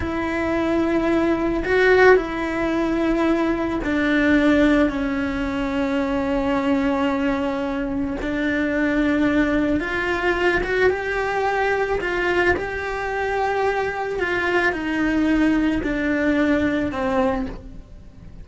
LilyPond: \new Staff \with { instrumentName = "cello" } { \time 4/4 \tempo 4 = 110 e'2. fis'4 | e'2. d'4~ | d'4 cis'2.~ | cis'2. d'4~ |
d'2 f'4. fis'8 | g'2 f'4 g'4~ | g'2 f'4 dis'4~ | dis'4 d'2 c'4 | }